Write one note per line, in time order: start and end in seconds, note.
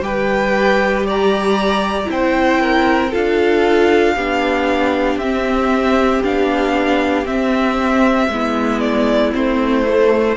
0.00 2.07 G3
0.00 2.05 G4
0.00 1.06 B4
0.00 1.06 G5
1.06 2.09 D5
1.06 2.11 A#5
2.05 3.13 C4
2.05 3.09 E4
2.05 3.14 G5
2.12 2.61 C5
2.61 3.11 A#4
3.11 4.16 D4
3.11 4.15 F4
3.11 4.14 A4
3.11 5.18 F5
4.15 5.16 B3
4.15 5.22 D4
4.15 8.29 G4
5.16 6.19 C4
5.16 6.24 C4
5.16 6.22 E5
6.24 7.27 B3
6.24 7.25 D4
6.24 7.26 F5
7.25 8.28 C4
7.25 8.80 E5
8.28 9.32 G#3
8.28 9.32 B3
8.28 10.36 E4
8.80 9.32 D5
9.32 10.36 A3
9.32 9.84 C4
9.32 10.36 C5
9.85 10.36 A3